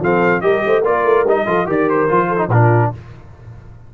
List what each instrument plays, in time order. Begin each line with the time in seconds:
0.00 tuba F3, trombone C4, horn A4, trumpet F5
0.41 tuba G3, trombone G4, horn A#4, trumpet D#5
0.66 tuba A3, horn C5
0.81 tuba A#3, trombone F4, horn A#4, trumpet D5
1.05 tuba A3
1.24 tuba G3, trombone D#4, trumpet D#5
1.47 tuba F3, trombone F4, horn A4
1.66 tuba D#3, trombone G4, horn A#4, trumpet D5
1.90 trumpet C5
2.09 tuba F3, trombone F4
2.28 horn A4
2.38 trombone D#4
2.48 tuba A#2, trombone D4, horn F4, trumpet A#4